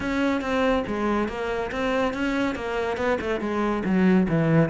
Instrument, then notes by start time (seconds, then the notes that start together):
cello
0.00 C#4
0.41 C4
0.87 G#3
1.28 A#3
1.71 C4
2.13 C#4
2.55 A#3
2.97 B3
3.21 A3
3.40 G#3
3.84 F#3
4.28 E3